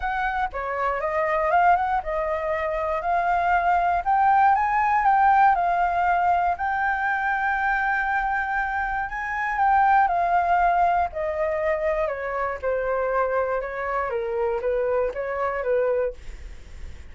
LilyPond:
\new Staff \with { instrumentName = "flute" } { \time 4/4 \tempo 4 = 119 fis''4 cis''4 dis''4 f''8 fis''8 | dis''2 f''2 | g''4 gis''4 g''4 f''4~ | f''4 g''2.~ |
g''2 gis''4 g''4 | f''2 dis''2 | cis''4 c''2 cis''4 | ais'4 b'4 cis''4 b'4 | }